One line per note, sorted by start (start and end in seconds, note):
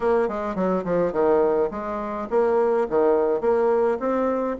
0.00 0.28 A#3
0.28 0.55 G#3
0.55 0.84 F#3
0.84 1.12 F3
1.12 1.69 D#3
1.70 2.28 G#3
2.30 2.87 A#3
2.89 3.41 D#3
3.41 3.98 A#3
3.99 4.56 C4